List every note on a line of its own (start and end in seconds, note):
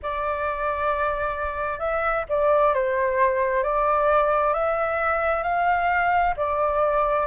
0.02 1.79 D5
1.79 2.24 E5
2.29 2.74 D5
2.74 3.63 C5
3.63 4.53 D5
4.53 5.43 E5
5.43 6.34 F5
6.36 7.26 D5